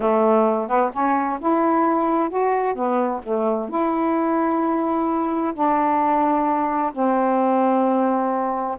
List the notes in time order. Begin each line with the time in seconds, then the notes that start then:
0.00 A3
0.68 B3
0.93 C#4
1.40 E4
2.29 F#4
2.75 B3
3.23 A3
3.69 E4
5.53 D4
6.93 C4